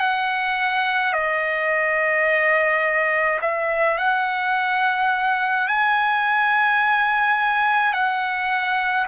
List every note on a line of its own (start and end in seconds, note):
0.00 1.13 F#5
1.14 3.40 D#5
3.42 3.98 E5
3.98 5.68 F#5
5.68 7.93 G#5
7.93 9.07 F#5